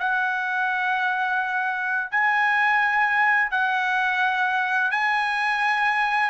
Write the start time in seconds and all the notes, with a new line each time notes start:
0.00 F#5
2.11 G#5
3.51 F#5
4.92 G#5